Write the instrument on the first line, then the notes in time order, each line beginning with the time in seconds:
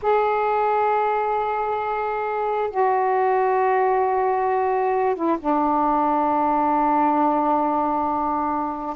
saxophone
0.02 G#4
2.70 F#4
5.15 E4
5.39 D4